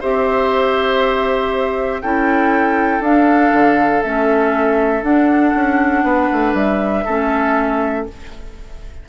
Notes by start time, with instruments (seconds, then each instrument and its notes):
0.00 bassoon C4, clarinet G4, oboe C5, flute E5
2.01 bassoon C#4, clarinet E4, oboe A4, flute G5
3.00 bassoon D4, clarinet D4, flute F5
3.52 bassoon D3
4.02 bassoon A3, clarinet C#4, flute E5
5.02 bassoon D4, clarinet D4, flute F#5
5.55 bassoon C#4
6.03 bassoon B3, oboe B4
6.32 bassoon A3
6.53 bassoon G3, flute E5
7.04 bassoon A3, clarinet C#4, oboe A4